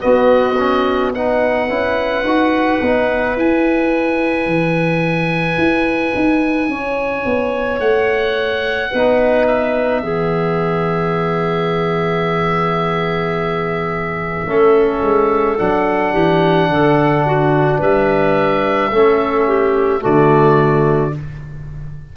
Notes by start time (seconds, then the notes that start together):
0.00 B3 F#4 D#5
0.59 C#4
1.13 D#4 B4 F#5
1.69 C#4 E4
2.23 D#4 F#4
2.82 B3 D#4
3.37 E4 G#5
4.46 E3
5.58 E4
6.15 D#4
6.69 C#4 C#5
7.26 B3
7.80 A3 F#5
8.90 B3 D#4 B4
9.47 E5
10.02 E3 B3 G#4
14.46 A3 C#4 A4
15.02 G#3
15.59 F#3 D4 F#5
16.13 E3 G4
16.69 D3 A4
17.26 F#4
17.78 G3 B4 E5
18.91 A3 C#4 A4
19.48 G4
20.01 D3 A3 F#4 D5